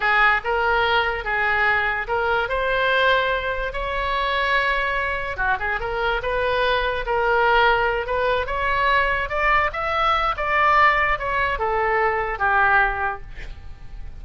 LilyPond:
\new Staff \with { instrumentName = "oboe" } { \time 4/4 \tempo 4 = 145 gis'4 ais'2 gis'4~ | gis'4 ais'4 c''2~ | c''4 cis''2.~ | cis''4 fis'8 gis'8 ais'4 b'4~ |
b'4 ais'2~ ais'8 b'8~ | b'8 cis''2 d''4 e''8~ | e''4 d''2 cis''4 | a'2 g'2 | }